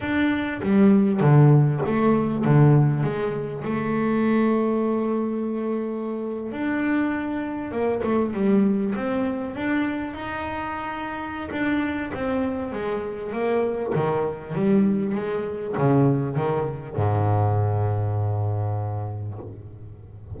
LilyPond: \new Staff \with { instrumentName = "double bass" } { \time 4/4 \tempo 4 = 99 d'4 g4 d4 a4 | d4 gis4 a2~ | a2~ a8. d'4~ d'16~ | d'8. ais8 a8 g4 c'4 d'16~ |
d'8. dis'2~ dis'16 d'4 | c'4 gis4 ais4 dis4 | g4 gis4 cis4 dis4 | gis,1 | }